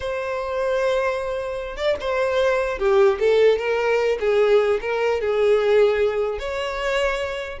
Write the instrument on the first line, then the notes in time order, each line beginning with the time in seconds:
violin
0.00 C5
1.76 D5
2.00 C5
2.79 G4
3.19 A4
3.58 A#4
4.19 G#4
4.81 A#4
5.21 G#4
6.39 C#5